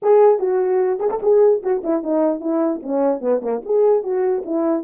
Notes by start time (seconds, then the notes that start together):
0.02 G#4
0.39 F#4
0.99 G#4
1.10 A4
1.22 G#4
1.62 F#4
1.83 E4
2.03 D#4
2.40 E4
2.83 C#4
3.20 B3
3.42 A#3
3.65 G#4
4.03 F#4
4.45 E4